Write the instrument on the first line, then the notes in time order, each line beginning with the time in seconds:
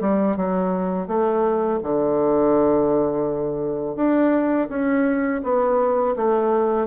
bassoon
0.00 G3
0.36 F#3
1.07 A3
1.83 D3
3.95 D4
4.69 C#4
5.43 B3
6.16 A3